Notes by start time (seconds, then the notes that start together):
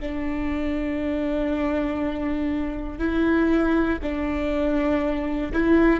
0.00 D4
2.99 E4
4.02 D4
5.53 E4